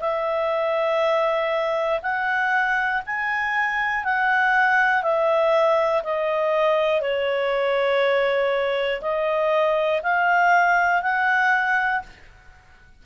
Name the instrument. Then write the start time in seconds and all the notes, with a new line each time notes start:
clarinet
0.00 E5
2.02 F#5
3.06 G#5
4.04 F#5
5.02 E5
6.03 D#5
7.00 C#5
9.01 D#5
10.03 F5
11.02 F#5